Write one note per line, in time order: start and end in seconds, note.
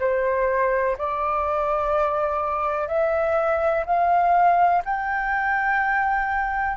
0.00 0.97 C5
0.99 2.88 D5
2.88 3.85 E5
3.86 4.83 F5
4.85 6.77 G5